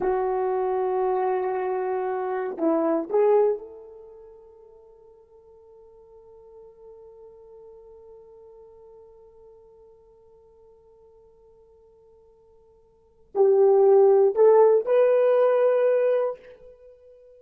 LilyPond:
\new Staff \with { instrumentName = "horn" } { \time 4/4 \tempo 4 = 117 fis'1~ | fis'4 e'4 gis'4 a'4~ | a'1~ | a'1~ |
a'1~ | a'1~ | a'2 g'2 | a'4 b'2. | }